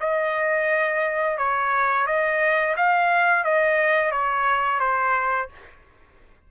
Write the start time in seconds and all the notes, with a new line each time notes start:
0.00 D#5
1.38 C#5
2.07 D#5
2.76 F5
3.44 D#5
4.11 C#5
4.80 C5